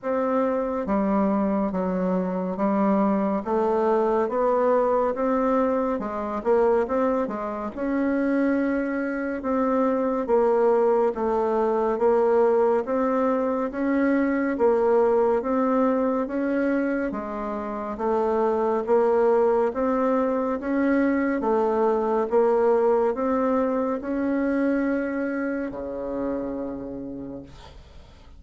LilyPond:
\new Staff \with { instrumentName = "bassoon" } { \time 4/4 \tempo 4 = 70 c'4 g4 fis4 g4 | a4 b4 c'4 gis8 ais8 | c'8 gis8 cis'2 c'4 | ais4 a4 ais4 c'4 |
cis'4 ais4 c'4 cis'4 | gis4 a4 ais4 c'4 | cis'4 a4 ais4 c'4 | cis'2 cis2 | }